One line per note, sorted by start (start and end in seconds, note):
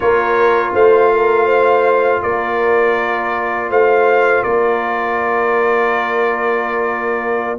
0.00 0.73 A#3
0.00 7.58 F4
0.00 0.73 A#4
0.00 0.72 C#5
0.73 2.22 A3
0.73 1.10 C5
0.73 2.22 F5
1.13 1.45 A#4
1.45 2.19 C5
2.22 3.69 A#3
2.22 3.69 A#4
2.22 3.70 D5
3.69 4.43 A3
3.69 4.43 C5
3.69 4.43 F5
4.43 7.58 A#3
4.43 7.58 A#4
4.43 7.58 D5